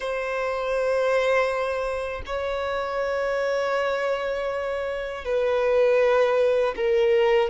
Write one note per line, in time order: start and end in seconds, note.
0.00 2.22 C5
2.26 5.24 C#5
5.24 6.74 B4
6.76 7.50 A#4